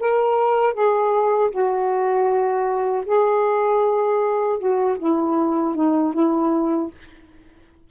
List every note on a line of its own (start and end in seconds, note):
0.00 0.73 A#4
0.73 1.50 G#4
1.51 3.05 F#4
3.06 4.59 G#4
4.59 4.97 F#4
4.99 5.75 E4
5.75 6.14 D#4
6.14 6.91 E4